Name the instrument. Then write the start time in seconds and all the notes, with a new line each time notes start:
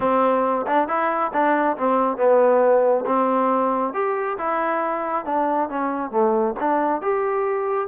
trombone
0.00 C4
0.66 D4
0.88 E4
1.33 D4
1.77 C4
2.17 B3
3.06 C4
3.93 G4
4.38 E4
5.25 D4
5.69 C#4
6.10 A3
6.59 D4
7.01 G4